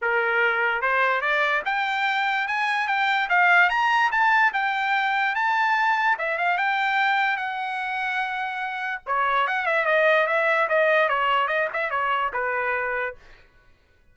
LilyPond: \new Staff \with { instrumentName = "trumpet" } { \time 4/4 \tempo 4 = 146 ais'2 c''4 d''4 | g''2 gis''4 g''4 | f''4 ais''4 a''4 g''4~ | g''4 a''2 e''8 f''8 |
g''2 fis''2~ | fis''2 cis''4 fis''8 e''8 | dis''4 e''4 dis''4 cis''4 | dis''8 e''8 cis''4 b'2 | }